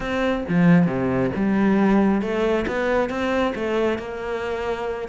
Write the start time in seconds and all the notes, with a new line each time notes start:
0.00 C4
0.48 F3
0.86 C3
1.35 G3
2.21 A3
2.67 B3
3.09 C4
3.55 A3
3.98 A#3